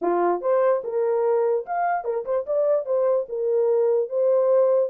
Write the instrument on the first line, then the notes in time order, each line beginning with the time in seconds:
horn
0.01 F4
0.41 C5
0.84 A#4
1.65 F5
2.04 A#4
2.25 C5
2.46 D5
2.85 C5
3.29 A#4
4.09 C5